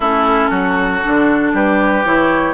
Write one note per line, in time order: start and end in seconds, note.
0.00 0.49 A3
0.00 1.02 C#4
0.00 0.49 E4
0.00 1.54 A4
0.49 1.01 F#3
0.49 1.52 F#4
1.02 1.53 D3
1.02 2.04 D4
1.53 2.04 G3
1.53 2.54 G4
1.53 2.05 B4
2.04 2.54 E3
2.04 2.54 E4
2.04 2.54 C#5